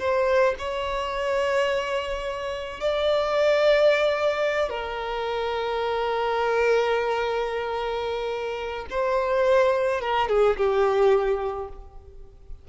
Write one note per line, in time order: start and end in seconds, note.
0.00 0.56 C5
0.59 2.81 C#5
2.81 4.70 D5
4.70 8.87 A#4
8.91 10.02 C5
10.02 10.29 A#4
10.29 10.57 G#4
10.58 11.69 G4